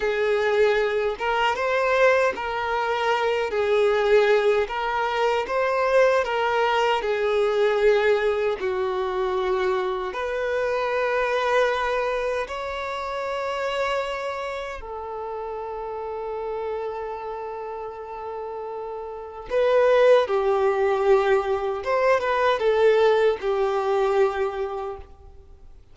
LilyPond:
\new Staff \with { instrumentName = "violin" } { \time 4/4 \tempo 4 = 77 gis'4. ais'8 c''4 ais'4~ | ais'8 gis'4. ais'4 c''4 | ais'4 gis'2 fis'4~ | fis'4 b'2. |
cis''2. a'4~ | a'1~ | a'4 b'4 g'2 | c''8 b'8 a'4 g'2 | }